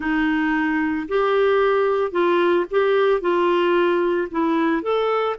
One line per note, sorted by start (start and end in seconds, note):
0.00 1.07 D#4
1.08 2.11 G4
2.11 2.65 F4
2.70 3.20 G4
3.20 4.28 F4
4.31 4.82 E4
4.82 5.36 A4